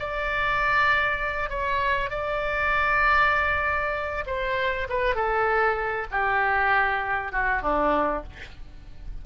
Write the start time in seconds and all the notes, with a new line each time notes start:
0.00 D5
1.50 C#5
2.10 D5
4.27 C5
4.90 B4
5.15 A4
6.12 G4
7.32 F#4
7.62 D4